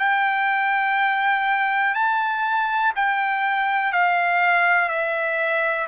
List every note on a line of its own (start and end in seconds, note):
0.00 1.95 G5
1.95 2.93 A5
2.96 3.93 G5
3.93 4.90 F5
4.90 5.88 E5